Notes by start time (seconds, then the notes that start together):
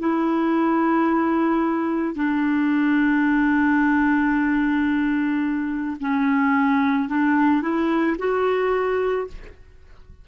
0.00 E4
2.16 D4
6.00 C#4
7.09 D4
7.63 E4
8.19 F#4